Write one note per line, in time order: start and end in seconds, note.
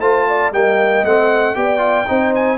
0.00 0.52 A3
0.00 0.53 F4
0.00 0.27 C5
0.00 0.52 A5
0.28 0.53 D5
0.52 1.04 G3
0.52 1.05 A#3
0.52 1.56 D#5
0.52 1.05 G5
1.04 1.56 A3
1.04 1.55 C4
1.04 1.55 F#5
1.55 2.08 B3
1.55 1.78 G4
1.55 2.08 D5
1.55 2.33 G5
1.78 2.04 F4
2.07 2.58 C4
2.07 2.58 D#4
2.07 2.58 C5
2.35 2.58 G#5